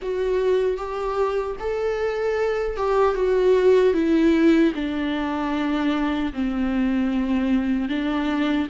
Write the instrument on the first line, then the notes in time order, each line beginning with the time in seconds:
viola
0.02 F#4
0.77 G4
1.59 A4
2.76 G4
3.14 F#4
3.93 E4
4.74 D4
6.33 C4
7.88 D4